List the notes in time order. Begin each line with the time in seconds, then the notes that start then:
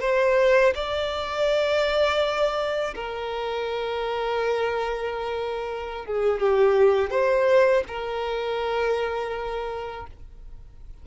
0.00 C5
0.75 D5
2.95 A#4
6.05 G#4
6.40 G4
7.10 C5
7.87 A#4